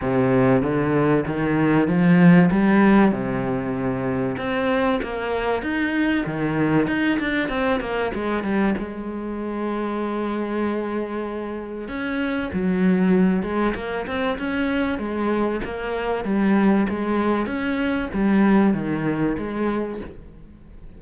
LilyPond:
\new Staff \with { instrumentName = "cello" } { \time 4/4 \tempo 4 = 96 c4 d4 dis4 f4 | g4 c2 c'4 | ais4 dis'4 dis4 dis'8 d'8 | c'8 ais8 gis8 g8 gis2~ |
gis2. cis'4 | fis4. gis8 ais8 c'8 cis'4 | gis4 ais4 g4 gis4 | cis'4 g4 dis4 gis4 | }